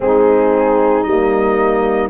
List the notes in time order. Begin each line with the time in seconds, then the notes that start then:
0.00 G#3 C4 D#4 G#4
1.03 G3 A#3 D#5